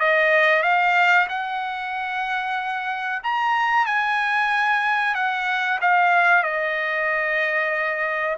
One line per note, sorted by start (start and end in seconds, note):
0.00 0.63 D#5
0.63 1.28 F5
1.29 3.23 F#5
3.24 3.87 A#5
3.87 5.15 G#5
5.15 5.80 F#5
5.82 6.44 F5
6.44 8.37 D#5